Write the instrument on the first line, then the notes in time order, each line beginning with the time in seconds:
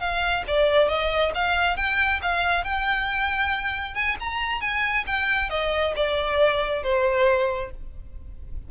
violin
0.00 F5
0.48 D5
0.88 D#5
1.35 F5
1.77 G5
2.22 F5
2.64 G5
3.95 G#5
4.20 A#5
4.61 G#5
5.07 G5
5.50 D#5
5.96 D5
6.83 C5